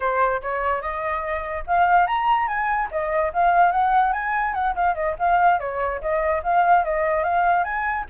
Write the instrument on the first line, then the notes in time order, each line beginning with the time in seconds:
flute
0.00 C5
0.41 C#5
0.81 D#5
1.66 F5
2.07 A#5
2.47 G#5
2.91 D#5
3.33 F5
3.71 F#5
4.12 G#5
4.54 F#5
4.75 F5
4.94 D#5
5.19 F5
5.59 C#5
6.01 D#5
6.43 F5
6.84 D#5
7.23 F5
7.63 G#5